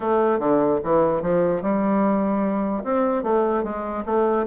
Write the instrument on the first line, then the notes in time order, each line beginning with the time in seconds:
bassoon
0.00 A3
0.39 D3
0.83 E3
1.22 F3
1.62 G3
2.84 C4
3.23 A3
3.63 G#3
4.05 A3